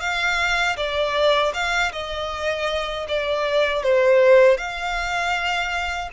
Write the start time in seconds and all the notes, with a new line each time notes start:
0.00 F5
0.77 D5
1.54 F5
1.92 D#5
3.08 D5
3.83 C5
4.57 F5